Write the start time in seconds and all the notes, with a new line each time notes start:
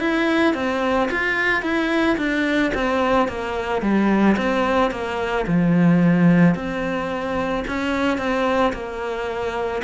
0.00 E4
0.54 C4
1.11 F4
1.62 E4
2.17 D4
2.74 C4
3.28 A#3
3.82 G3
4.37 C4
4.91 A#3
5.46 F3
6.55 C4
7.67 C#4
8.18 C4
8.73 A#3